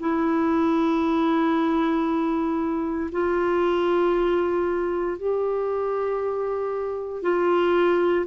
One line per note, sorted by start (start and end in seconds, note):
0.00 3.10 E4
3.12 5.18 F4
5.18 7.23 G4
7.23 8.26 F4